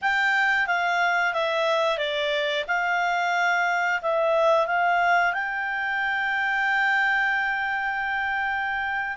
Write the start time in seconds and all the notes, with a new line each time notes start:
0.01 G5
0.66 F5
1.33 E5
1.98 D5
2.67 F5
4.02 E5
4.66 F5
5.33 G5